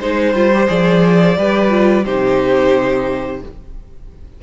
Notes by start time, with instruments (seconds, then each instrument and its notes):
0.00 cello G#3, viola D#4, violin C5
0.34 cello G3, viola F4
0.53 viola G4
0.67 cello F3, viola G#4, violin D5
1.37 cello G3, viola G4, violin B4
1.69 viola F4
2.04 cello C3, viola D#4, violin G4 C5